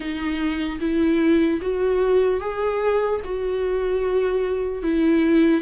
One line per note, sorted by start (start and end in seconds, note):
0.00 0.79 D#4
0.80 1.60 E4
1.61 2.40 F#4
2.40 3.20 G#4
3.24 4.82 F#4
4.82 5.61 E4